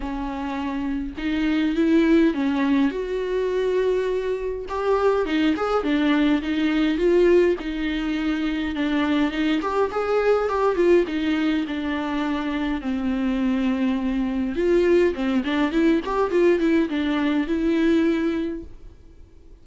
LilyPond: \new Staff \with { instrumentName = "viola" } { \time 4/4 \tempo 4 = 103 cis'2 dis'4 e'4 | cis'4 fis'2. | g'4 dis'8 gis'8 d'4 dis'4 | f'4 dis'2 d'4 |
dis'8 g'8 gis'4 g'8 f'8 dis'4 | d'2 c'2~ | c'4 f'4 c'8 d'8 e'8 g'8 | f'8 e'8 d'4 e'2 | }